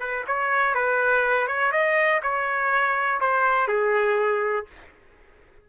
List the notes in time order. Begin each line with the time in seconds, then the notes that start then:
0.00 B4
0.27 C#5
0.75 B4
1.47 C#5
1.72 D#5
2.23 C#5
3.21 C5
3.68 G#4